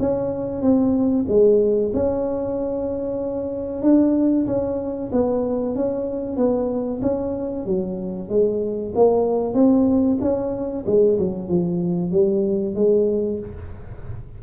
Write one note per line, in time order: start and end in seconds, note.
0.00 0.62 C#4
0.62 1.26 C4
1.28 1.92 G#3
1.94 3.83 C#4
3.83 4.47 D4
4.47 5.11 C#4
5.12 5.76 B3
5.76 6.37 C#4
6.37 7.01 B3
7.02 7.66 C#4
7.66 8.29 F#3
8.29 8.93 G#3
8.95 9.54 A#3
9.54 10.18 C4
10.21 10.85 C#4
10.86 11.18 G#3
11.19 11.49 F#3
11.49 12.11 F3
12.11 12.75 G3
12.75 13.39 G#3